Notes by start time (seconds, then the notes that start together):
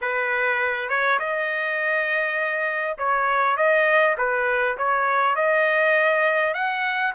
0.01 B4
0.89 C#5
1.19 D#5
2.98 C#5
3.56 D#5
4.17 B4
4.77 C#5
5.35 D#5
6.54 F#5